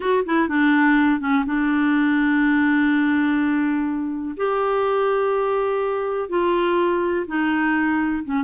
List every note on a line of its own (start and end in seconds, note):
0.00 0.24 F#4
0.25 0.48 E4
0.48 1.20 D4
1.20 1.44 C#4
1.45 4.36 D4
4.37 6.29 G4
6.29 7.26 F4
7.27 8.24 D#4
8.24 8.43 C#4